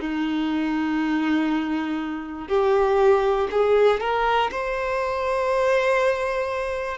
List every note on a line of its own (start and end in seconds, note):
0.00 2.48 D#4
2.48 3.48 G4
3.50 4.00 G#4
4.00 4.50 A#4
4.50 6.97 C5